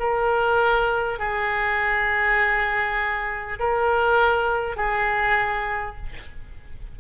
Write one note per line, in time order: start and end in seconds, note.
0.00 1.19 A#4
1.19 3.59 G#4
3.60 4.77 A#4
4.77 5.97 G#4